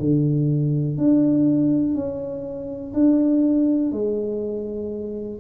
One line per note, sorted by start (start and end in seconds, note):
0.00 0.98 D3
0.98 1.95 D4
1.95 2.94 C#4
2.94 3.93 D4
3.93 5.40 G#3